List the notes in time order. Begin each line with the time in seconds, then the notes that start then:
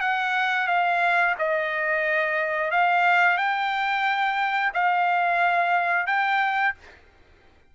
0.00 F#5
0.67 F5
1.39 D#5
2.71 F5
3.37 G5
4.74 F5
6.06 G5